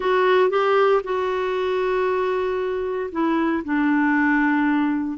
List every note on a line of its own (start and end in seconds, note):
0.00 0.50 F#4
0.50 1.01 G4
1.03 3.10 F#4
3.11 3.63 E4
3.64 5.18 D4